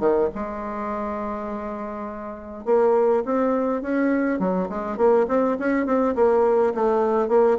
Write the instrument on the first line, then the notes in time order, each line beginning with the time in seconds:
bassoon
0.00 D#3
0.35 G#3
2.66 A#3
3.26 C4
3.82 C#4
4.40 F#3
4.70 G#3
4.98 A#3
5.29 C4
5.60 C#4
5.86 C4
6.16 A#3
6.75 A3
7.29 A#3